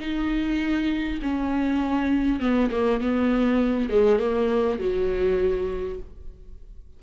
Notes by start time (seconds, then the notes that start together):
0.00 D#4
1.22 C#4
2.40 B3
2.72 A#3
3.01 B3
3.90 G#3
4.19 A#3
4.79 F#3